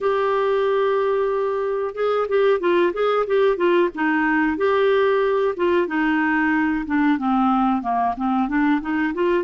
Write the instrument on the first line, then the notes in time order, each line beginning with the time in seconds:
clarinet
0.01 G4
1.94 G#4
2.28 G4
2.60 F4
2.93 G#4
3.26 G4
3.56 F4
3.95 D#4
4.57 G4
5.56 F4
5.87 D#4
6.86 D4
7.18 C4
7.82 A#3
8.17 C4
8.48 D4
8.81 D#4
9.14 F4